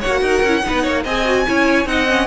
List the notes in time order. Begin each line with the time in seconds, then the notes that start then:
0.00 F#4 C#5 F#5
0.07 A#3
0.21 D#4 A#4
0.43 C#4 E4
0.62 D#4 B4
0.68 B3
0.83 A#3 C#5
1.03 C4 G#4 D#5 G#5
1.25 F#4
1.46 C#4 E4 C#5
1.86 C4 D#4 D#5 F#5
2.09 C#4